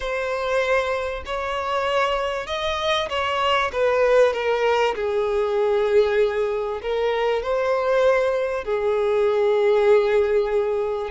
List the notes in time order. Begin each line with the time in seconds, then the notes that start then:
0.00 C5
1.25 C#5
2.47 D#5
3.09 C#5
3.72 B4
4.33 A#4
4.95 G#4
6.82 A#4
7.42 C5
8.64 G#4